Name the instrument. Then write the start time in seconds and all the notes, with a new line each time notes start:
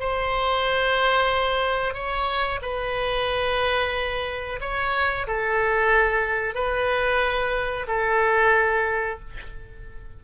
oboe
0.00 C5
1.94 C#5
2.62 B4
4.61 C#5
5.27 A4
6.55 B4
7.88 A4